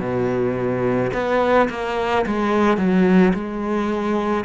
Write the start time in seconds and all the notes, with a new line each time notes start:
0.00 B2
1.14 B3
1.70 A#3
2.26 G#3
2.78 F#3
3.34 G#3